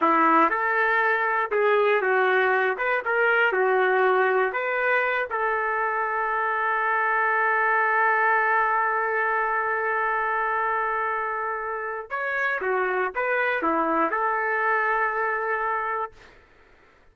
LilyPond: \new Staff \with { instrumentName = "trumpet" } { \time 4/4 \tempo 4 = 119 e'4 a'2 gis'4 | fis'4. b'8 ais'4 fis'4~ | fis'4 b'4. a'4.~ | a'1~ |
a'1~ | a'1 | cis''4 fis'4 b'4 e'4 | a'1 | }